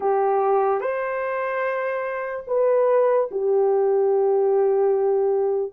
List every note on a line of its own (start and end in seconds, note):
0.00 0.80 G4
0.80 2.45 C5
2.47 3.29 B4
3.31 5.72 G4